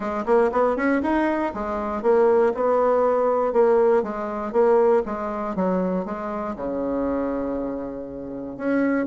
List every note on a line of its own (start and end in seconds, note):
0.00 0.25 G#3
0.25 0.50 A#3
0.52 0.76 B3
0.76 1.01 C#4
1.02 1.52 D#4
1.54 2.02 G#3
2.02 2.53 A#3
2.54 3.52 B3
3.52 4.02 A#3
4.02 4.52 G#3
4.52 5.02 A#3
5.05 5.55 G#3
5.55 6.05 F#3
6.05 6.55 G#3
6.55 8.57 C#3
8.57 9.06 C#4